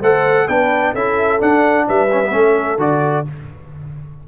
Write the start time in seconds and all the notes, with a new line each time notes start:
0.00 A3 A4 C5 F#5
0.47 B3 D4 B4 G5
0.92 C#4 E4 A4 E5
1.39 D4 F#5
1.87 G3 B4 E5
2.12 C#4
2.24 B3
2.31 A3 C#4 A4
2.77 D3 F#4 D5